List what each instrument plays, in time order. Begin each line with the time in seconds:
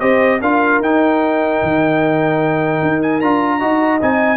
0.00 tuba C4, trombone G4, horn C5, trumpet D#5
0.41 tuba D4, trombone F4, horn A#4, trumpet F5
0.80 tuba D#4, trombone D#4, trumpet G5
1.63 tuba D#3
2.83 tuba D#4
3.03 trumpet G#5
3.21 tuba D4, trombone F4, trumpet A#5
3.59 tuba D#4, trombone F#4, horn D#5
4.01 tuba C4, trombone D#4, trumpet G#5